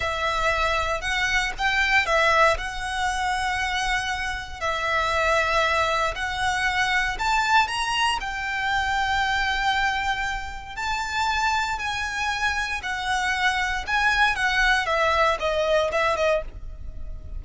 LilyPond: \new Staff \with { instrumentName = "violin" } { \time 4/4 \tempo 4 = 117 e''2 fis''4 g''4 | e''4 fis''2.~ | fis''4 e''2. | fis''2 a''4 ais''4 |
g''1~ | g''4 a''2 gis''4~ | gis''4 fis''2 gis''4 | fis''4 e''4 dis''4 e''8 dis''8 | }